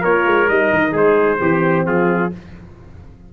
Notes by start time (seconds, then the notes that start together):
0.00 A#3 F4 A#4 C#5
0.26 G#3
0.47 G3 D#4 D#5
0.73 D#3
0.92 G#3 G#4 C5
1.39 E3 C4 G4
1.86 F3 F4 G#4